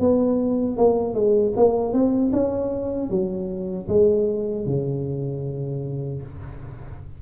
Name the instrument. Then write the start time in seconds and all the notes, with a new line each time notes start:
tuba
0.00 B3
0.77 A#3
1.14 G#3
1.57 A#3
1.93 C4
2.33 C#4
3.10 F#3
3.88 G#3
4.66 C#3